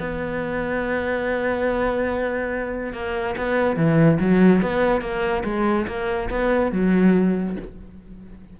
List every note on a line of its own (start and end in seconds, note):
0.00 2.93 B3
2.93 3.36 A#3
3.37 3.76 B3
3.76 4.19 E3
4.20 4.62 F#3
4.62 5.01 B3
5.01 5.44 A#3
5.44 5.87 G#3
5.87 6.30 A#3
6.30 6.72 B3
6.72 7.57 F#3